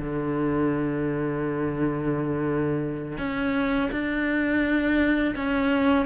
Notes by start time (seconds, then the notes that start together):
0.00 D3
3.19 C#4
3.92 D4
5.36 C#4